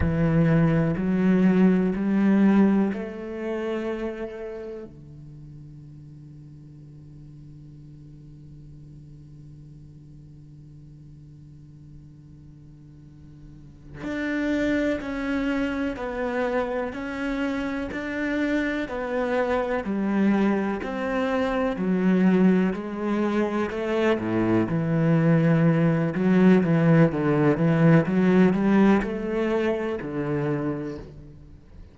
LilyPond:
\new Staff \with { instrumentName = "cello" } { \time 4/4 \tempo 4 = 62 e4 fis4 g4 a4~ | a4 d2.~ | d1~ | d2~ d8 d'4 cis'8~ |
cis'8 b4 cis'4 d'4 b8~ | b8 g4 c'4 fis4 gis8~ | gis8 a8 a,8 e4. fis8 e8 | d8 e8 fis8 g8 a4 d4 | }